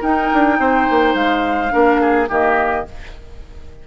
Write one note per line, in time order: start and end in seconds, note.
0.00 1.70 D#4
0.00 0.30 D#4
0.00 0.57 A#4
0.00 1.15 G5
0.33 0.58 D4
0.58 0.87 C4
0.58 1.73 C5
0.90 1.14 A#3
1.14 1.71 G#3
1.14 2.28 F5
1.70 2.29 A#3
1.70 2.26 D4
1.70 2.00 A#4
2.00 2.29 G#4
2.29 2.86 D#3
2.29 2.85 A#3
2.29 2.85 G4
2.29 2.87 D#5